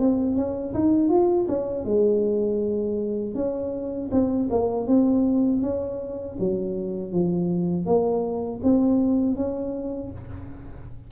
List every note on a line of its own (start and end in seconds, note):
0.00 0.36 C4
0.36 0.74 C#4
0.74 1.09 D#4
1.09 1.47 F4
1.49 1.85 C#4
1.85 3.35 G#3
3.35 4.10 C#4
4.12 4.49 C4
4.51 4.88 A#3
4.88 5.62 C4
5.62 6.37 C#4
6.40 7.12 F#3
7.12 7.86 F3
7.86 8.61 A#3
8.64 9.36 C4
9.36 10.11 C#4